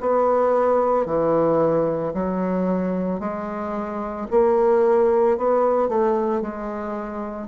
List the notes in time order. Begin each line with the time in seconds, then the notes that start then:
0.00 B3
1.06 E3
2.14 F#3
3.20 G#3
4.31 A#3
5.38 B3
5.89 A3
6.41 G#3